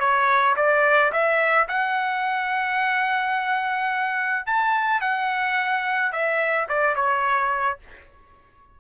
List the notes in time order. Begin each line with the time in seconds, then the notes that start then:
0.00 C#5
0.57 D5
1.13 E5
1.69 F#5
4.46 A5
5.01 F#5
6.12 E5
6.69 D5
6.96 C#5